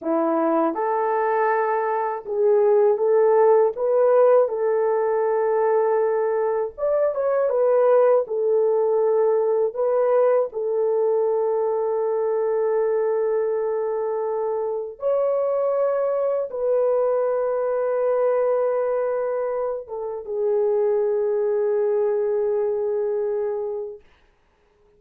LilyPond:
\new Staff \with { instrumentName = "horn" } { \time 4/4 \tempo 4 = 80 e'4 a'2 gis'4 | a'4 b'4 a'2~ | a'4 d''8 cis''8 b'4 a'4~ | a'4 b'4 a'2~ |
a'1 | cis''2 b'2~ | b'2~ b'8 a'8 gis'4~ | gis'1 | }